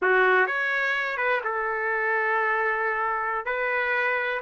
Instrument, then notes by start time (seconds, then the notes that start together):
trumpet
0.02 F#4
0.46 C#5
1.17 B4
1.44 A4
3.45 B4